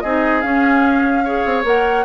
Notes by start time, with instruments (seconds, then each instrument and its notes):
0.00 bassoon C4, clarinet D#4, oboe G#4, flute D#5
0.41 clarinet C#4, bassoon C#4, flute F5
1.24 clarinet G#4, oboe C#5
1.45 bassoon C4
1.64 bassoon A#3, clarinet A#4, flute F#5